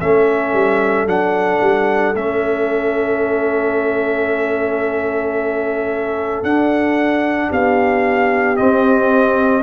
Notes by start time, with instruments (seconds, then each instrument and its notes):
0.00 tuba A3, trombone C#4, horn A4, trumpet E5
0.53 tuba G3
1.06 tuba F#3, trombone D4, trumpet F#5
1.60 tuba G3
2.14 tuba A3, trombone C#4, trumpet E5
6.42 tuba D4, trombone D4, trumpet F#5
7.48 tuba B3, horn G4, trumpet F5
8.56 trombone C4, tuba C4, trumpet D#5